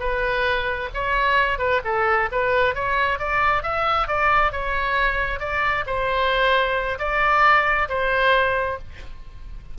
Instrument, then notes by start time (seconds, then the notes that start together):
oboe
0.00 B4
0.94 C#5
1.59 B4
1.85 A4
2.32 B4
2.75 C#5
3.19 D5
3.63 E5
4.08 D5
4.52 C#5
5.40 D5
5.87 C5
6.99 D5
7.89 C5